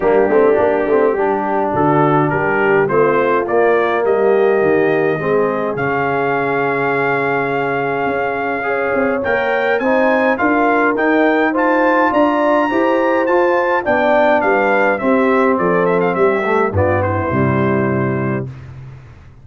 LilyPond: <<
  \new Staff \with { instrumentName = "trumpet" } { \time 4/4 \tempo 4 = 104 g'2. a'4 | ais'4 c''4 d''4 dis''4~ | dis''2 f''2~ | f''1 |
g''4 gis''4 f''4 g''4 | a''4 ais''2 a''4 | g''4 f''4 e''4 d''8 e''16 f''16 | e''4 d''8 c''2~ c''8 | }
  \new Staff \with { instrumentName = "horn" } { \time 4/4 d'2 g'4 fis'4 | g'4 f'2 g'4~ | g'4 gis'2.~ | gis'2. cis''4~ |
cis''4 c''4 ais'2 | c''4 d''4 c''2 | d''4 b'4 g'4 a'4 | g'4 f'8 e'2~ e'8 | }
  \new Staff \with { instrumentName = "trombone" } { \time 4/4 ais8 c'8 d'8 c'8 d'2~ | d'4 c'4 ais2~ | ais4 c'4 cis'2~ | cis'2. gis'4 |
ais'4 dis'4 f'4 dis'4 | f'2 g'4 f'4 | d'2 c'2~ | c'8 a8 b4 g2 | }
  \new Staff \with { instrumentName = "tuba" } { \time 4/4 g8 a8 ais8 a8 g4 d4 | g4 a4 ais4 g4 | dis4 gis4 cis2~ | cis2 cis'4. c'8 |
ais4 c'4 d'4 dis'4~ | dis'4 d'4 e'4 f'4 | b4 g4 c'4 f4 | g4 g,4 c2 | }
>>